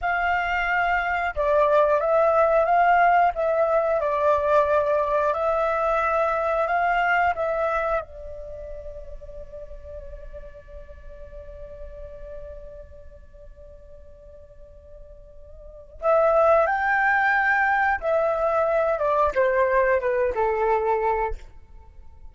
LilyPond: \new Staff \with { instrumentName = "flute" } { \time 4/4 \tempo 4 = 90 f''2 d''4 e''4 | f''4 e''4 d''2 | e''2 f''4 e''4 | d''1~ |
d''1~ | d''1 | e''4 g''2 e''4~ | e''8 d''8 c''4 b'8 a'4. | }